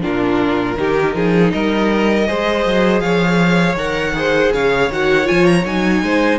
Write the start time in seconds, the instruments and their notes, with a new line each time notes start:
0.00 viola D4, violin F4 A#4
0.06 cello A#2
0.78 cello D#3, viola D#4, violin G4
1.14 cello F3, violin G#4
1.51 cello G3, violin A#4 D#5
2.26 cello G#3, viola G#4, violin C5
2.65 cello F#3
3.00 cello F3, violin C#5 F5
3.75 cello D#3, viola A#4, violin F#5
4.14 viola G#4, violin C5
4.52 cello C#3, violin C#5 F5
4.90 cello D#3, viola F#4, violin F#5
5.23 viola F4, violin G#5
5.31 cello F3
5.46 violin A#5
5.65 cello F#3, viola D#4, violin G#5
6.02 cello G#3, violin C5